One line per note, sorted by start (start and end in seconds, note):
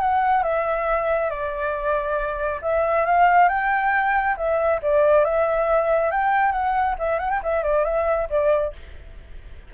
0.00 0.43 F#5
0.43 1.30 E5
1.30 2.60 D5
2.62 3.05 E5
3.05 3.49 F5
3.49 4.36 G5
4.37 4.80 E5
4.82 5.25 D5
5.25 6.11 E5
6.11 6.52 G5
6.52 6.95 F#5
6.99 7.19 E5
7.19 7.30 F#5
7.30 7.41 G5
7.43 7.63 E5
7.63 7.85 D5
7.85 8.28 E5
8.29 8.73 D5